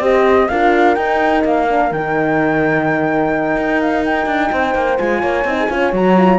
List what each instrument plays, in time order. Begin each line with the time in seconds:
0.00 cello C4, horn G4 C5, flute D#5
0.48 cello D4, horn F4 A#4, flute F5
0.95 cello D#4, horn D#4, flute G5
1.45 cello A#3, flute F5
1.69 horn D4
1.91 cello D#3, horn D#4, flute G5
3.56 cello D#4
3.81 flute F5
4.05 flute G5
4.26 cello D4
4.51 cello C4, horn C5
4.75 cello A#3
4.98 cello G#3, horn F4, flute G#5
5.21 cello A#3, horn C#5
5.45 cello C4, horn D#4
5.60 horn G#4
5.70 cello C#4, horn F4 C#5
5.93 cello F#3, horn F#4, flute A#5
6.18 horn F4